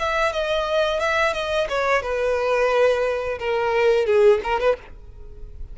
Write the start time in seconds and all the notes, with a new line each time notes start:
0.00 E5
0.33 D#5
1.00 E5
1.34 D#5
1.70 C#5
2.03 B4
3.39 A#4
4.07 G#4
4.44 A#4
4.60 B4